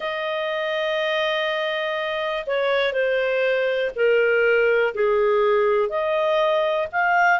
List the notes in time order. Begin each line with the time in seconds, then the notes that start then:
0.00 D#5
2.46 C#5
2.92 C5
3.95 A#4
4.94 G#4
5.89 D#5
6.92 F5